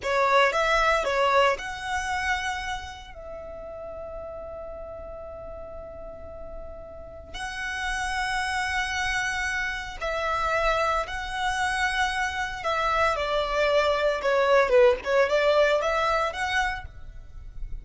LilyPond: \new Staff \with { instrumentName = "violin" } { \time 4/4 \tempo 4 = 114 cis''4 e''4 cis''4 fis''4~ | fis''2 e''2~ | e''1~ | e''2 fis''2~ |
fis''2. e''4~ | e''4 fis''2. | e''4 d''2 cis''4 | b'8 cis''8 d''4 e''4 fis''4 | }